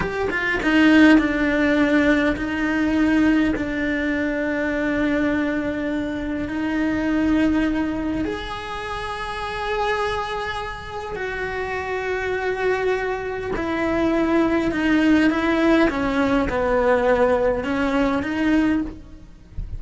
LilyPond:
\new Staff \with { instrumentName = "cello" } { \time 4/4 \tempo 4 = 102 g'8 f'8 dis'4 d'2 | dis'2 d'2~ | d'2. dis'4~ | dis'2 gis'2~ |
gis'2. fis'4~ | fis'2. e'4~ | e'4 dis'4 e'4 cis'4 | b2 cis'4 dis'4 | }